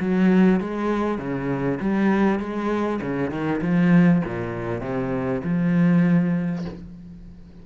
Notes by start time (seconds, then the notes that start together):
0.00 F#3
0.60 G#3
1.18 C#3
1.80 G3
2.39 G#3
3.01 C#3
3.30 D#3
3.61 F3
4.25 A#2
4.81 C3
5.44 F3